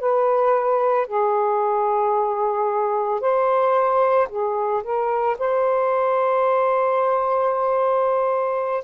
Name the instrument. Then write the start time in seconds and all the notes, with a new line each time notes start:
saxophone
0.00 B4
1.07 G#4
3.20 C5
4.30 G#4
4.84 A#4
5.39 C5